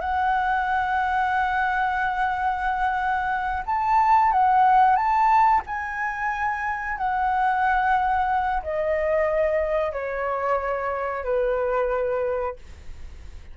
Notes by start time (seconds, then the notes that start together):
0.00 F#5
3.66 A5
4.32 F#5
4.96 A5
5.66 G#5
6.97 F#5
8.63 D#5
9.92 C#5
11.24 B4